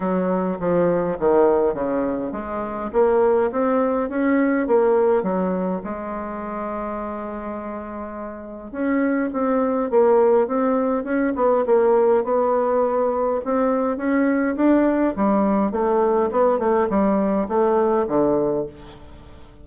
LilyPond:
\new Staff \with { instrumentName = "bassoon" } { \time 4/4 \tempo 4 = 103 fis4 f4 dis4 cis4 | gis4 ais4 c'4 cis'4 | ais4 fis4 gis2~ | gis2. cis'4 |
c'4 ais4 c'4 cis'8 b8 | ais4 b2 c'4 | cis'4 d'4 g4 a4 | b8 a8 g4 a4 d4 | }